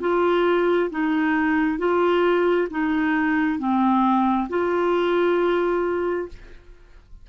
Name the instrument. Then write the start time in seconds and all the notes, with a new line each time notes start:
clarinet
0.00 F4
0.90 D#4
1.78 F4
2.70 D#4
3.59 C4
4.49 F4